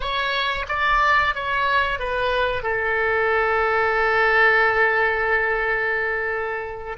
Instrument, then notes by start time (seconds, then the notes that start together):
oboe
0.00 C#5
0.68 D5
1.35 C#5
1.99 B4
2.62 A4